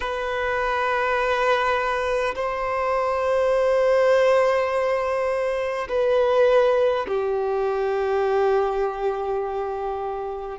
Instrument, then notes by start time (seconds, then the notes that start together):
violin
0.00 B4
2.35 C5
5.88 B4
7.07 G4